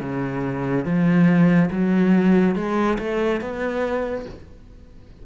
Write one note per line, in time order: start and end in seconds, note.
0.00 0.85 C#3
0.85 1.69 F3
1.71 2.55 F#3
2.55 2.97 G#3
2.98 3.41 A3
3.41 4.25 B3